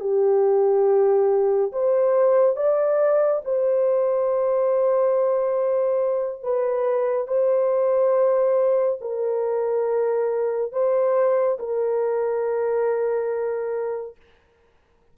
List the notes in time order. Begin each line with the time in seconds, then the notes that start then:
0.00 G4
1.72 C5
2.56 D5
3.44 C5
6.42 B4
7.27 C5
9.01 A#4
10.72 C5
11.59 A#4